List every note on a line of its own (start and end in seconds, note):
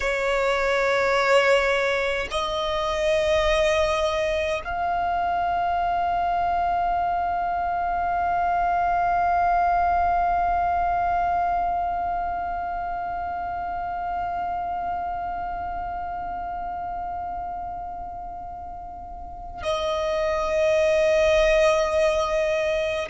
0.00 2.28 C#5
2.30 4.61 D#5
4.64 19.62 F5
19.62 23.08 D#5